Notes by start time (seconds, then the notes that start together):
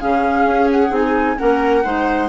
0.00 C#3 C#4 G#4 F5
0.45 C#4
0.72 F#5
0.91 C4 D#4 G#5
1.38 A#3 C#4 A#4 F#5
1.85 G#3 D#4 C5